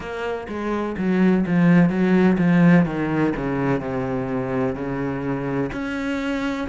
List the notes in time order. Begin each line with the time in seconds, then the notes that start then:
0.00 A#3
0.48 G#3
0.97 F#3
1.46 F3
1.89 F#3
2.38 F3
2.85 D#3
3.36 C#3
3.80 C3
4.75 C#3
5.72 C#4